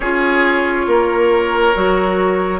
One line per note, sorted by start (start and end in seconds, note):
0.00 0.86 C#4
0.00 1.74 F4
0.00 0.86 G#4
0.00 2.59 C#5
0.86 1.73 A#3
0.86 2.59 A#4
1.74 2.59 F#3
1.74 2.59 F#4